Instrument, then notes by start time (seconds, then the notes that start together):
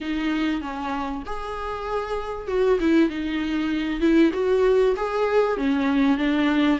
viola
0.00 D#4
0.61 C#4
1.26 G#4
2.47 F#4
2.79 E4
3.09 D#4
4.00 E4
4.33 F#4
4.96 G#4
5.57 C#4
6.17 D4